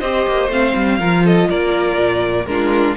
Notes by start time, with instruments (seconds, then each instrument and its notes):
0.00 cello C4, viola G4, violin C5 D#5
0.27 cello A#3
0.48 cello A3, viola C4, violin F5
0.75 cello G3
0.99 cello F3, viola F4, violin A#4
1.25 violin A4 D#5
1.49 cello A#3, violin A#4 D5
1.98 cello A#2
2.46 cello G#3, viola D4, violin F4 A#4